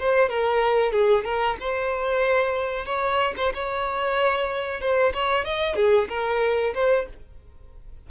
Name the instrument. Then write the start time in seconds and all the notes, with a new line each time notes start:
violin
0.00 C5
0.30 A#4
0.92 G#4
1.25 A#4
1.61 C5
2.86 C#5
3.37 C5
3.54 C#5
4.81 C5
5.14 C#5
5.45 D#5
5.76 G#4
6.09 A#4
6.75 C5